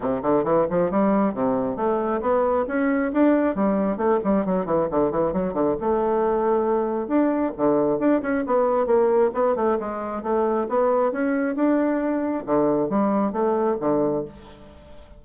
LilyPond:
\new Staff \with { instrumentName = "bassoon" } { \time 4/4 \tempo 4 = 135 c8 d8 e8 f8 g4 c4 | a4 b4 cis'4 d'4 | g4 a8 g8 fis8 e8 d8 e8 | fis8 d8 a2. |
d'4 d4 d'8 cis'8 b4 | ais4 b8 a8 gis4 a4 | b4 cis'4 d'2 | d4 g4 a4 d4 | }